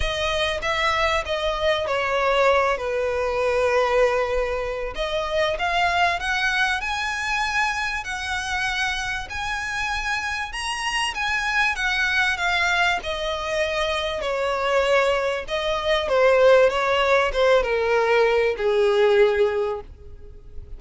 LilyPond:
\new Staff \with { instrumentName = "violin" } { \time 4/4 \tempo 4 = 97 dis''4 e''4 dis''4 cis''4~ | cis''8 b'2.~ b'8 | dis''4 f''4 fis''4 gis''4~ | gis''4 fis''2 gis''4~ |
gis''4 ais''4 gis''4 fis''4 | f''4 dis''2 cis''4~ | cis''4 dis''4 c''4 cis''4 | c''8 ais'4. gis'2 | }